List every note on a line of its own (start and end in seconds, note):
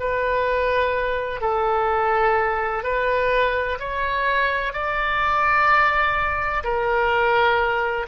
0.00 1.41 B4
1.41 2.84 A4
2.84 3.79 B4
3.79 4.73 C#5
4.73 6.64 D5
6.64 8.07 A#4